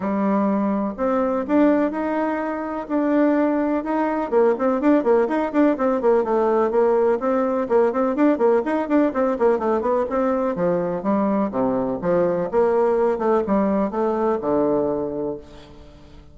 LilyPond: \new Staff \with { instrumentName = "bassoon" } { \time 4/4 \tempo 4 = 125 g2 c'4 d'4 | dis'2 d'2 | dis'4 ais8 c'8 d'8 ais8 dis'8 d'8 | c'8 ais8 a4 ais4 c'4 |
ais8 c'8 d'8 ais8 dis'8 d'8 c'8 ais8 | a8 b8 c'4 f4 g4 | c4 f4 ais4. a8 | g4 a4 d2 | }